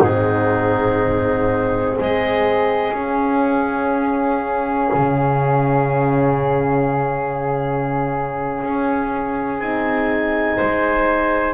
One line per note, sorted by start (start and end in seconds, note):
0.00 1.98 G#2
0.00 2.96 C4
0.00 1.97 D#4
0.00 1.99 G#4
1.97 2.93 G#3
1.97 10.56 G#4
1.97 2.96 D#5
2.93 4.90 C#4
2.93 9.60 C#4
2.93 9.59 F5
4.94 8.63 C#3
8.64 9.60 C#4
9.59 10.58 C4
9.59 11.54 D#4
9.59 11.54 G#5
10.56 11.54 G#3
10.56 11.54 C5